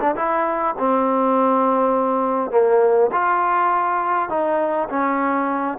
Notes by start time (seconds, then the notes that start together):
0.00 D4
0.15 E4
0.78 C4
2.51 A#3
3.12 F4
4.29 D#4
4.89 C#4